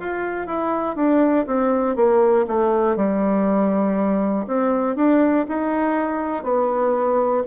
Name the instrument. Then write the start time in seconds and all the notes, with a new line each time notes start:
bassoon
0.00 F4
0.47 E4
0.96 D4
1.47 C4
1.96 A#3
2.48 A3
2.96 G3
4.48 C4
4.96 D4
5.48 D#4
6.44 B3